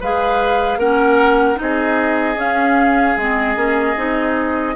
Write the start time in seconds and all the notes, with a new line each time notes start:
0.00 G#3 G#4 B4 F5
0.76 A#3 C#4 A#4 F#5
1.55 C4 D#4 D#5
1.62 G#4
2.36 C#4 F5
3.16 G#3 C4 D#5
3.55 A#3 C#4
3.96 C4 D#4